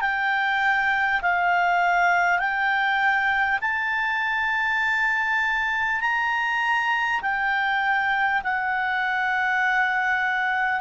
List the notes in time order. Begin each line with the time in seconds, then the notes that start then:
0.00 G5
1.22 F5
2.38 G5
3.61 A5
6.00 A#5
7.21 G5
8.43 F#5